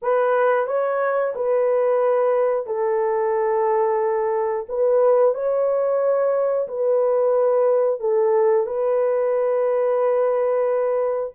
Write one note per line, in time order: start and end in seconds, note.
0.02 0.67 B4
0.67 1.33 C#5
1.35 2.66 B4
2.66 4.66 A4
4.68 5.34 B4
5.34 6.67 C#5
6.68 8.00 B4
8.00 8.66 A4
8.66 11.33 B4